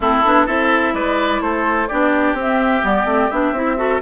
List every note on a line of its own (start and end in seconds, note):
0.00 0.22 A3
0.00 0.25 C4
0.00 0.46 E4
0.00 0.47 A4
0.24 0.48 B3
0.24 0.47 D4
0.46 0.93 C4
0.46 1.89 E4
0.46 0.93 A4
0.46 0.94 E5
0.93 1.40 G#3
0.93 1.42 B4
0.93 1.41 D5
1.40 1.88 A3
1.40 1.88 A4
1.40 1.87 C5
1.87 2.33 B3
1.87 2.37 D4
1.87 3.77 G4
1.87 2.35 D5
2.33 2.81 C4
2.33 2.82 C4
2.41 2.84 E5
2.82 3.04 G3
2.82 3.06 B3
2.82 3.30 D5
3.04 3.28 A3
3.04 3.29 C4
3.30 3.52 B3
3.30 3.55 D4
3.30 4.01 E5
3.52 3.99 C4
3.52 3.76 E4
3.76 4.00 F#4
3.76 4.01 A4